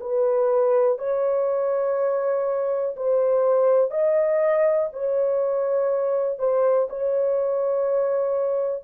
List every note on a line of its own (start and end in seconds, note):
0.00 0.98 B4
0.98 2.95 C#5
2.96 3.91 C5
3.91 4.89 D#5
4.93 6.38 C#5
6.38 6.88 C5
6.89 8.83 C#5